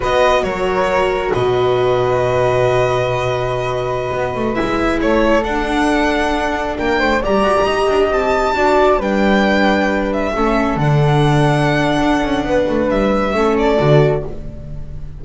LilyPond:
<<
  \new Staff \with { instrumentName = "violin" } { \time 4/4 \tempo 4 = 135 dis''4 cis''2 dis''4~ | dis''1~ | dis''2~ dis''16 e''4 cis''8.~ | cis''16 fis''2. g''8.~ |
g''16 ais''2 a''4.~ a''16~ | a''16 g''2~ g''8 e''4~ e''16~ | e''16 fis''2.~ fis''8.~ | fis''4 e''4. d''4. | }
  \new Staff \with { instrumentName = "flute" } { \time 4/4 b'4 ais'2 b'4~ | b'1~ | b'2.~ b'16 a'8.~ | a'2.~ a'16 ais'8 c''16~ |
c''16 d''4 dis''2 d''8.~ | d''16 b'2. a'8.~ | a'1 | b'2 a'2 | }
  \new Staff \with { instrumentName = "viola" } { \time 4/4 fis'1~ | fis'1~ | fis'2~ fis'16 e'4.~ e'16~ | e'16 d'2.~ d'8.~ |
d'16 g'2. fis'8.~ | fis'16 d'2. cis'8.~ | cis'16 d'2.~ d'8.~ | d'2 cis'4 fis'4 | }
  \new Staff \with { instrumentName = "double bass" } { \time 4/4 b4 fis2 b,4~ | b,1~ | b,4~ b,16 b8 a8 gis4 a8.~ | a16 d'2. ais8 a16~ |
a16 g8 fis'16 g16 dis'8 d'8 c'4 d'8.~ | d'16 g2. a8.~ | a16 d2~ d8. d'8 cis'8 | b8 a8 g4 a4 d4 | }
>>